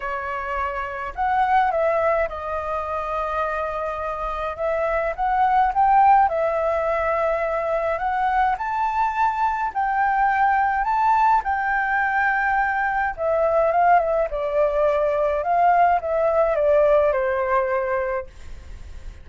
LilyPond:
\new Staff \with { instrumentName = "flute" } { \time 4/4 \tempo 4 = 105 cis''2 fis''4 e''4 | dis''1 | e''4 fis''4 g''4 e''4~ | e''2 fis''4 a''4~ |
a''4 g''2 a''4 | g''2. e''4 | f''8 e''8 d''2 f''4 | e''4 d''4 c''2 | }